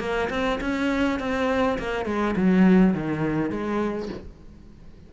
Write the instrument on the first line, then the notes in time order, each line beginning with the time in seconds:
cello
0.00 A#3
0.30 C4
0.61 C#4
1.20 C4
1.79 A#3
2.06 G#3
2.36 F#3
2.94 D#3
3.50 G#3